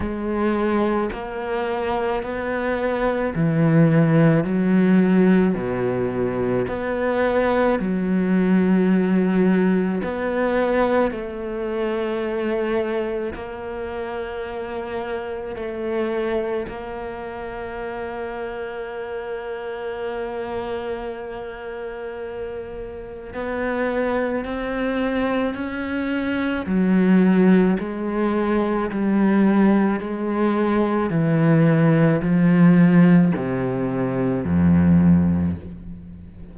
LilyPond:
\new Staff \with { instrumentName = "cello" } { \time 4/4 \tempo 4 = 54 gis4 ais4 b4 e4 | fis4 b,4 b4 fis4~ | fis4 b4 a2 | ais2 a4 ais4~ |
ais1~ | ais4 b4 c'4 cis'4 | fis4 gis4 g4 gis4 | e4 f4 c4 f,4 | }